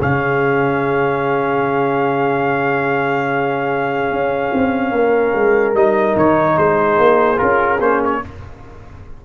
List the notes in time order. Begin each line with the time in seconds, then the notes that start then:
0.00 C#3 C#4 G#4 F5
4.10 C#4
4.53 C4
4.91 A#3 A#4
5.35 G#3
5.73 G3 D#4 D#5
6.16 D#3 C#5
6.56 G#3 G#4 C5
6.98 A#3
7.36 C#4 F4 A#4
7.79 A#3 C#4 C5
8.04 C#5